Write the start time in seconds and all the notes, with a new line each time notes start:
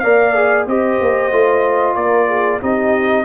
0.00 A#3 A#4 D5 F5
0.35 G#4
0.67 C4 G4 C5 D#5
1.01 A#3
1.32 A3 F4
1.96 A#3 A#4 D5
2.28 G#4
2.61 C4 D#4 G4 D#5